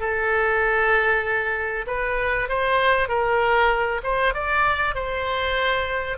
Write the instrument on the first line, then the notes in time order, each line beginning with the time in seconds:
oboe
0.00 A4
1.87 B4
2.49 C5
3.08 A#4
4.03 C5
4.34 D5
4.95 C5